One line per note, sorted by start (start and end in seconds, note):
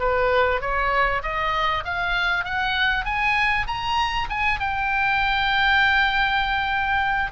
0.00 0.61 B4
0.61 1.22 C#5
1.23 1.84 D#5
1.85 2.45 F5
2.45 3.06 F#5
3.06 3.67 G#5
3.68 4.29 A#5
4.30 4.60 G#5
4.60 7.32 G5